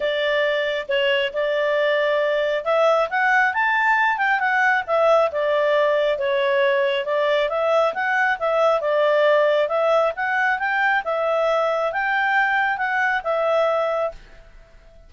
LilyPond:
\new Staff \with { instrumentName = "clarinet" } { \time 4/4 \tempo 4 = 136 d''2 cis''4 d''4~ | d''2 e''4 fis''4 | a''4. g''8 fis''4 e''4 | d''2 cis''2 |
d''4 e''4 fis''4 e''4 | d''2 e''4 fis''4 | g''4 e''2 g''4~ | g''4 fis''4 e''2 | }